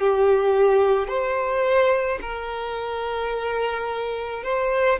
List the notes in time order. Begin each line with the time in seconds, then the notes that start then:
0.00 G4
1.08 C5
2.21 A#4
4.43 C5